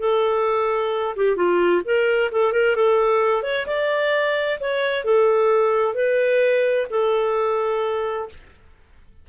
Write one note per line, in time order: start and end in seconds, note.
0.00 1.15 A4
1.16 1.36 G4
1.36 1.83 F4
1.85 2.31 A#4
2.32 2.53 A4
2.53 2.76 A#4
2.76 3.43 A4
3.43 3.66 C#5
3.67 4.59 D5
4.60 5.05 C#5
5.05 5.95 A4
5.95 6.87 B4
6.91 8.29 A4